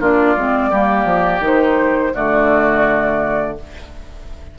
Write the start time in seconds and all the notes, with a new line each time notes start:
0.00 A#3 D4 F4 D5
0.37 G#3 C4
0.70 G3 A#3 G4
1.05 F3
1.40 D#3 D#4 C5
2.14 D3 A3 F#4 D5